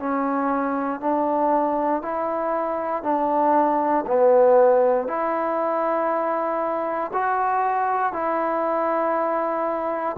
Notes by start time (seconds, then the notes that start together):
0.00 C#4
1.01 D4
2.02 E4
3.03 D4
4.07 B3
5.08 E4
7.14 F#4
8.14 E4